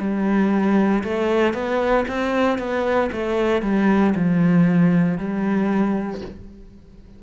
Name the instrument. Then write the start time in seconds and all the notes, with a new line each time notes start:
cello
0.00 G3
1.04 A3
1.54 B3
2.08 C4
2.59 B3
3.12 A3
3.63 G3
4.16 F3
5.18 G3